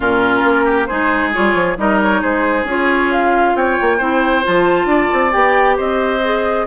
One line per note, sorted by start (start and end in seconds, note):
0.00 0.43 A#2
0.00 0.88 C#4
0.00 0.64 F4
0.00 0.86 A#4
0.44 0.88 A#3
0.64 0.87 G4
0.86 1.35 G#3
0.86 1.33 D#4
0.86 1.77 G#4
0.86 1.30 C5
1.33 1.54 G3
1.33 1.77 F4
1.33 1.78 C#5
1.54 1.76 F3
1.77 2.22 G3
1.77 2.65 D#4
1.77 2.21 A#4
1.77 2.01 D#5
2.01 2.22 C#5
2.21 2.64 G#3
2.21 3.54 G#4
2.21 2.66 C5
2.64 3.53 C#4
2.64 3.99 F4
2.64 3.11 C#5
3.11 3.55 F5
3.55 3.77 C4
3.55 3.97 C#5
3.55 4.44 G5
3.81 4.00 A#3
3.97 4.44 C4
3.97 4.43 E4
3.97 4.86 C5
4.43 4.85 F3
4.43 5.31 F4
4.43 5.32 A5
4.85 5.07 D4
4.85 5.76 D5
5.12 5.34 C4
5.31 5.78 B3
5.31 6.20 G4
5.31 5.76 G5
5.76 6.66 C4
5.76 6.65 C5
5.76 6.66 D#5
6.23 6.66 G#4